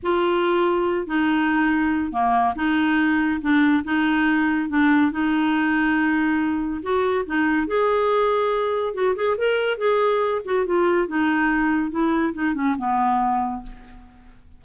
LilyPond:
\new Staff \with { instrumentName = "clarinet" } { \time 4/4 \tempo 4 = 141 f'2~ f'8 dis'4.~ | dis'4 ais4 dis'2 | d'4 dis'2 d'4 | dis'1 |
fis'4 dis'4 gis'2~ | gis'4 fis'8 gis'8 ais'4 gis'4~ | gis'8 fis'8 f'4 dis'2 | e'4 dis'8 cis'8 b2 | }